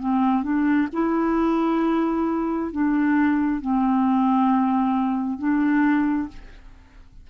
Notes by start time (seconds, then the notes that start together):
0.00 C4
0.43 D4
0.93 E4
2.72 D4
3.61 C4
5.39 D4